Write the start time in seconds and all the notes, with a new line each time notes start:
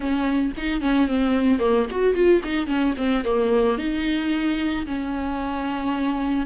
0.00 C#4
0.57 D#4
0.81 C#4
1.07 C4
1.59 A#3
1.90 F#4
2.14 F4
2.43 D#4
2.67 C#4
2.97 C4
3.24 A#3
3.77 D#4
4.86 C#4